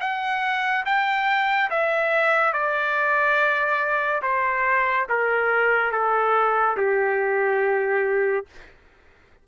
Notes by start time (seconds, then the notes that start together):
0.00 F#5
0.85 G5
1.70 E5
2.53 D5
4.22 C5
5.09 A#4
5.92 A4
6.77 G4